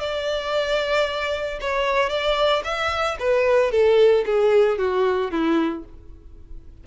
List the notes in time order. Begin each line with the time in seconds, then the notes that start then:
0.00 D5
1.61 C#5
2.10 D5
2.64 E5
3.20 B4
3.72 A4
4.26 G#4
4.78 F#4
5.31 E4